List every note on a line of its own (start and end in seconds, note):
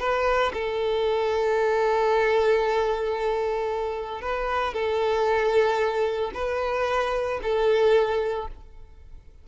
0.00 0.53 B4
0.53 4.22 A4
4.22 4.74 B4
4.74 6.32 A4
6.34 7.40 B4
7.43 8.48 A4